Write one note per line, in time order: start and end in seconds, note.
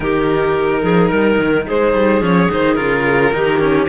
0.00 0.81 D#3
0.00 2.21 D#4
0.00 0.82 G4
0.00 1.67 A#4
0.82 1.11 F3
0.82 1.08 G#4
1.08 1.39 G3
1.08 1.64 A#4
1.39 1.66 D#3
1.66 1.94 G#3
1.66 3.33 G#4
1.66 2.23 C5
1.94 2.21 G3
2.21 2.48 F3
2.21 2.49 C#4
2.21 2.51 C#5
2.50 2.78 D#3
2.50 2.76 D#4
2.50 2.74 C5
2.74 3.33 C#3
2.74 3.32 F4
2.74 3.86 A#4
3.33 3.88 D#3
3.33 3.59 D#4
3.33 3.88 G4
3.59 3.87 C#4